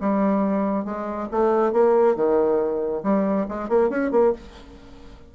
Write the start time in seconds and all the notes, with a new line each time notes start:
0.00 G3
0.85 G#3
1.31 A3
1.72 A#3
2.15 D#3
3.03 G3
3.48 G#3
3.68 A#3
3.89 C#4
4.11 A#3